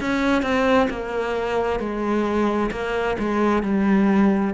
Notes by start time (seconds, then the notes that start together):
0.00 C#4
0.42 C4
0.89 A#3
1.79 G#3
2.71 A#3
3.18 G#3
3.62 G3